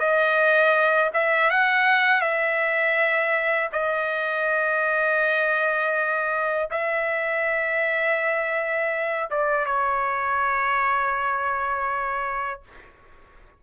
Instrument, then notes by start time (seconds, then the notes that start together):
trumpet
0.00 D#5
1.14 E5
1.51 F#5
2.22 E5
3.73 D#5
6.71 E5
9.31 D5
9.66 C#5